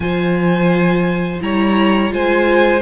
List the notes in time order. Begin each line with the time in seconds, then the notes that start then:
0.00 F3 F4 C5 G#5
1.41 G3 E4 C#5 A#5
2.10 G#3 F4 C5 G#5